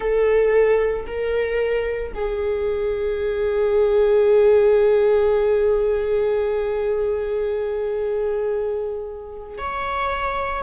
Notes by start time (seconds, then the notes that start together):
0.00 A4
1.06 A#4
2.14 G#4
9.58 C#5